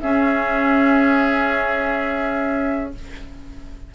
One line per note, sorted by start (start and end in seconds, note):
0.00 2.94 C#4
0.00 2.95 C#4
0.00 2.95 G#4
0.00 2.92 E5